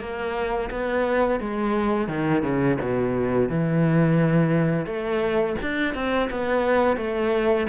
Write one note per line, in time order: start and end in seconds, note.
0.00 0.70 A#3
0.70 1.40 B3
1.40 2.08 G#3
2.08 2.42 D#3
2.42 2.77 C#3
2.81 3.49 B2
3.49 4.86 E3
4.86 5.56 A3
5.62 5.94 D4
5.94 6.29 C4
6.30 6.97 B3
6.97 7.66 A3